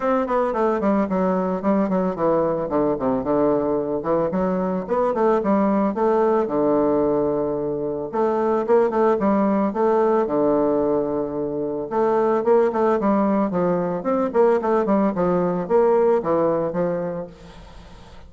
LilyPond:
\new Staff \with { instrumentName = "bassoon" } { \time 4/4 \tempo 4 = 111 c'8 b8 a8 g8 fis4 g8 fis8 | e4 d8 c8 d4. e8 | fis4 b8 a8 g4 a4 | d2. a4 |
ais8 a8 g4 a4 d4~ | d2 a4 ais8 a8 | g4 f4 c'8 ais8 a8 g8 | f4 ais4 e4 f4 | }